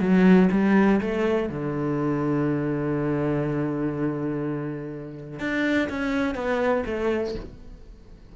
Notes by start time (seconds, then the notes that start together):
0.00 F#3
0.52 G3
1.01 A3
1.49 D3
5.40 D4
5.89 C#4
6.35 B3
6.86 A3